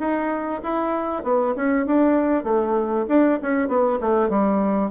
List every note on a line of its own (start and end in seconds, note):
0.00 0.62 D#4
0.63 1.24 E4
1.24 1.55 B3
1.56 1.86 C#4
1.86 2.44 D4
2.44 3.06 A3
3.09 3.40 D4
3.42 3.69 C#4
3.69 4.00 B3
4.01 4.30 A3
4.30 4.91 G3